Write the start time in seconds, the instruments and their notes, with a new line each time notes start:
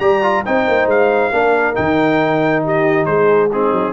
0.00 tuba G3, trombone G4, horn D5, trumpet A#5
0.23 trombone F4
0.45 tuba C4, trombone D#4, horn C5, trumpet G5
0.68 tuba A#3
0.86 tuba G#3, trumpet F5
1.32 tuba A#3, trombone D4, horn A#4
1.75 tuba D#3, trombone D#4, trumpet G5
2.64 horn G4, trumpet D#5
3.06 tuba G#3, horn G#4, trumpet C5
3.52 trombone C4, horn D#4, trumpet G#4
3.72 tuba F#3